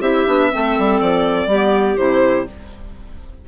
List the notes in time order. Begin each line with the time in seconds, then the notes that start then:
0.00 C4 E4 G4 E5
0.27 B3 D4
0.51 A3 C4 A4
0.78 G3
1.00 F3 D5
1.46 G3 B3 G4
1.96 C3 E4 C5